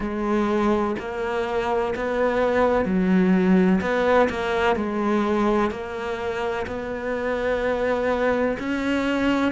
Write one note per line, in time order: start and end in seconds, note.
0.00 0.95 G#3
0.99 1.94 A#3
1.95 2.85 B3
2.85 3.80 F#3
3.81 4.29 B3
4.29 4.76 A#3
4.76 5.71 G#3
5.71 6.66 A#3
6.66 8.57 B3
8.59 9.52 C#4